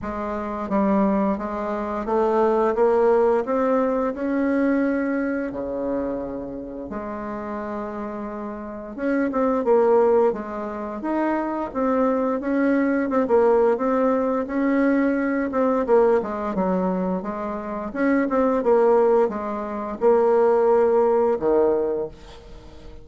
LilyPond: \new Staff \with { instrumentName = "bassoon" } { \time 4/4 \tempo 4 = 87 gis4 g4 gis4 a4 | ais4 c'4 cis'2 | cis2 gis2~ | gis4 cis'8 c'8 ais4 gis4 |
dis'4 c'4 cis'4 c'16 ais8. | c'4 cis'4. c'8 ais8 gis8 | fis4 gis4 cis'8 c'8 ais4 | gis4 ais2 dis4 | }